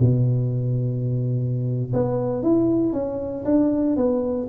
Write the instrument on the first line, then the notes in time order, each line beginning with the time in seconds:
tuba
0.00 B2
1.93 B3
2.43 E4
2.93 C#4
3.45 D4
3.97 B3